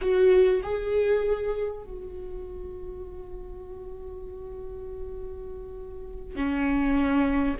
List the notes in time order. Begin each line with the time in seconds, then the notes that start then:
0.01 F#4
0.62 G#4
1.83 F#4
6.35 C#4